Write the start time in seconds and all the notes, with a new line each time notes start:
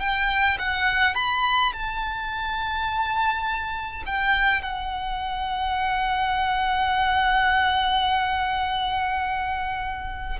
0.00 G5
0.59 F#5
1.15 B5
1.73 A5
4.06 G5
4.62 F#5